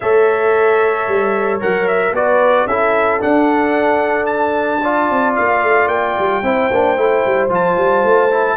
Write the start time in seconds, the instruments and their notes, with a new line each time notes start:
0.00 tuba A3, trombone A4, horn C#5, trumpet E5
1.07 tuba G3
1.60 tuba F#3, trombone A#4, trumpet F#5
1.87 trumpet E5
2.11 tuba B3, trombone F#4, horn B4, trumpet D5
2.66 tuba C#4, trombone E4, horn A4, trumpet E5
3.20 trombone D4, tuba D4, trumpet F#5
4.26 trumpet A5
4.81 trombone F4, horn D5
5.10 tuba C4
5.35 tuba A#3, trumpet F5
5.62 tuba A3
5.87 tuba A#3, trumpet G5
6.18 tuba G3
6.42 tuba C4, trombone E4, horn C5
6.70 tuba A#3, trombone D4
6.96 tuba A3, trombone E4
7.26 tuba G3
7.49 tuba F3, trombone F4, trumpet A5
7.76 tuba G3
8.03 tuba A3
8.30 trombone E4